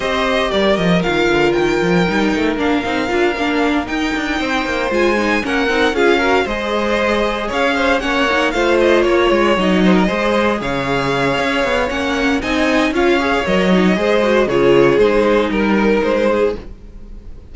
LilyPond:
<<
  \new Staff \with { instrumentName = "violin" } { \time 4/4 \tempo 4 = 116 dis''4 d''8 dis''8 f''4 g''4~ | g''4 f''2~ f''8 g''8~ | g''4. gis''4 fis''4 f''8~ | f''8 dis''2 f''4 fis''8~ |
fis''8 f''8 dis''8 cis''4 dis''4.~ | dis''8 f''2~ f''8 fis''4 | gis''4 f''4 dis''2 | cis''4 c''4 ais'4 c''4 | }
  \new Staff \with { instrumentName = "violin" } { \time 4/4 c''4 ais'2.~ | ais'1~ | ais'8 c''2 ais'4 gis'8 | ais'8 c''2 cis''8 c''8 cis''8~ |
cis''8 c''4 cis''4. c''16 ais'16 c''8~ | c''8 cis''2.~ cis''8 | dis''4 cis''2 c''4 | gis'2 ais'4. gis'8 | }
  \new Staff \with { instrumentName = "viola" } { \time 4/4 g'2 f'2 | dis'4 d'8 dis'8 f'8 d'4 dis'8~ | dis'4. f'8 dis'8 cis'8 dis'8 f'8 | fis'8 gis'2. cis'8 |
dis'8 f'2 dis'4 gis'8~ | gis'2. cis'4 | dis'4 f'8 gis'8 ais'8 dis'8 gis'8 fis'8 | f'4 dis'2. | }
  \new Staff \with { instrumentName = "cello" } { \time 4/4 c'4 g8 f8 dis8 d8 dis8 f8 | g8 a8 ais8 c'8 d'8 ais4 dis'8 | d'8 c'8 ais8 gis4 ais8 c'8 cis'8~ | cis'8 gis2 cis'4 ais8~ |
ais8 a4 ais8 gis8 fis4 gis8~ | gis8 cis4. cis'8 b8 ais4 | c'4 cis'4 fis4 gis4 | cis4 gis4 g4 gis4 | }
>>